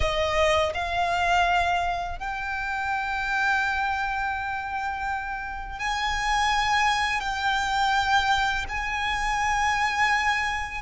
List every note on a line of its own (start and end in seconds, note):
0.00 0.72 D#5
0.74 2.19 F5
2.19 5.79 G5
5.79 7.20 G#5
7.20 8.65 G5
8.68 10.81 G#5